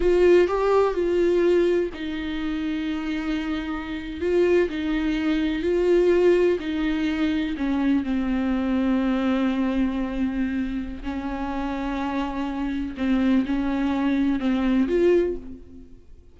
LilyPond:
\new Staff \with { instrumentName = "viola" } { \time 4/4 \tempo 4 = 125 f'4 g'4 f'2 | dis'1~ | dis'8. f'4 dis'2 f'16~ | f'4.~ f'16 dis'2 cis'16~ |
cis'8. c'2.~ c'16~ | c'2. cis'4~ | cis'2. c'4 | cis'2 c'4 f'4 | }